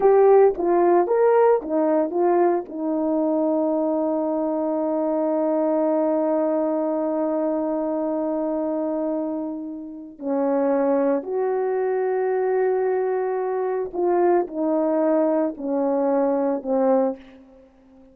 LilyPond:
\new Staff \with { instrumentName = "horn" } { \time 4/4 \tempo 4 = 112 g'4 f'4 ais'4 dis'4 | f'4 dis'2.~ | dis'1~ | dis'1~ |
dis'2. cis'4~ | cis'4 fis'2.~ | fis'2 f'4 dis'4~ | dis'4 cis'2 c'4 | }